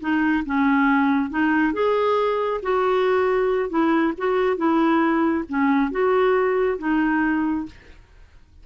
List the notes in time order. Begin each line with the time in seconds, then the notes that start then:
0.00 D#4
0.45 C#4
1.30 D#4
1.73 G#4
2.62 F#4
3.69 E4
4.17 F#4
4.56 E4
5.48 C#4
5.91 F#4
6.78 D#4